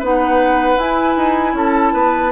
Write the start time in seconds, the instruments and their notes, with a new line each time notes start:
0.00 bassoon B3, clarinet D#4, oboe B4, flute F#5
0.77 bassoon E4, clarinet E4, flute G#5
1.17 bassoon D#4
1.54 bassoon C#4, oboe A4, flute A5
1.94 bassoon B3, oboe B4